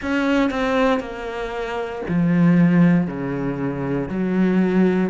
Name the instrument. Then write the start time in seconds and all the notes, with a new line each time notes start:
cello
0.01 C#4
0.50 C4
1.00 A#3
2.08 F3
3.07 C#3
4.09 F#3